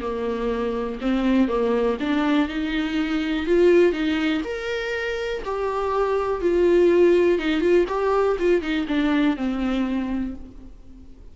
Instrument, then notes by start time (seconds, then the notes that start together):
viola
0.00 A#3
1.01 C4
1.48 A#3
2.00 D4
2.48 D#4
3.46 F4
3.92 D#4
4.44 A#4
5.45 G4
6.41 F4
7.39 D#4
7.61 F4
7.88 G4
8.39 F4
8.61 D#4
8.87 D4
9.36 C4